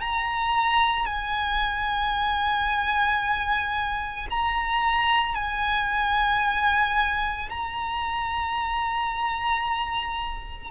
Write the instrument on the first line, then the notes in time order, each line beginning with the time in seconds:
violin
0.00 A#5
1.06 G#5
4.30 A#5
5.35 G#5
7.50 A#5